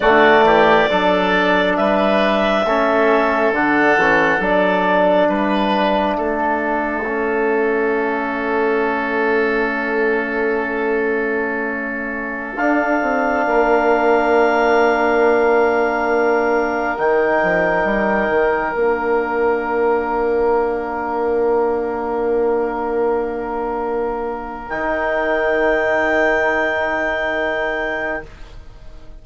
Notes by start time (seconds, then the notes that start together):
0.00 D3 A3 F#4 D5
0.42 E3 G4
0.88 F#3 D4 A4
1.76 G3 B4 E5
2.65 A3 C#4 A4
3.51 D3 D4 F#5
3.97 E3 C#4
4.39 F#3 D4 D5
5.28 G3 B4 E5
6.17 A3 A4
7.05 C#4
12.56 D4 F5
13.01 C4
13.45 A#3 A#4
16.97 D#3 D#4 G5
17.43 F3
17.84 G3
18.29 D#3
18.73 A#3 D4 F5
24.69 D#3 D#4 G5